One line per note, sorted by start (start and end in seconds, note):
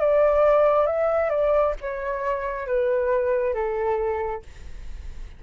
0.00 0.87 D5
0.87 1.30 E5
1.30 1.74 D5
1.81 2.67 C#5
2.67 3.54 B4
3.54 4.42 A4